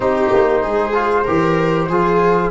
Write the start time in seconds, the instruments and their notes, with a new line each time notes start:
0.00 tuba C4, trombone D#4, viola G4, flute C5
0.32 tuba A#3
0.62 tuba G#3, viola G#4
0.93 trombone F4
1.24 tuba E3, trombone G4, viola A#4
1.88 tuba F3, trombone F4, viola G#4